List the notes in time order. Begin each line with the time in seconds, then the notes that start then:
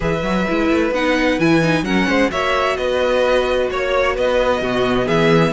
0.00 E3 G#4 B4 E5
0.22 F#3 F#4
0.47 G#3 E4
0.70 A3
0.91 B3 D#4 F#5
1.39 E3 E4 G#5
1.62 D#4
1.82 F#3 C#4 A#4 F#5
2.07 G#3 C5
2.31 A#3 F#4 C#5 E5
2.76 B3 B4 D#5
3.70 A#3 C#5
4.15 B3 B4 D#5
4.61 B2 B3 F#4
5.05 E3 G#4 E5